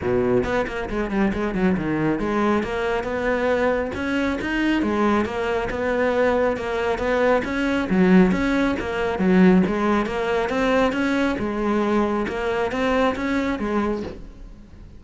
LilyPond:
\new Staff \with { instrumentName = "cello" } { \time 4/4 \tempo 4 = 137 b,4 b8 ais8 gis8 g8 gis8 fis8 | dis4 gis4 ais4 b4~ | b4 cis'4 dis'4 gis4 | ais4 b2 ais4 |
b4 cis'4 fis4 cis'4 | ais4 fis4 gis4 ais4 | c'4 cis'4 gis2 | ais4 c'4 cis'4 gis4 | }